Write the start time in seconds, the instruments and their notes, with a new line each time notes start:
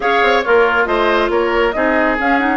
0.00 bassoon C#4, clarinet G#4, oboe C#5, flute F5
0.22 bassoon C4
0.41 bassoon A#3, oboe F4, clarinet A#4, flute C#5
0.85 bassoon A3, clarinet F4, oboe C5, flute D#5
1.29 bassoon A#3, oboe A#4, flute C#5
1.72 bassoon C4, clarinet D#4, oboe G#4, flute D#5
2.18 clarinet C#4, bassoon C#4, flute F5
2.38 clarinet D#4, flute F#5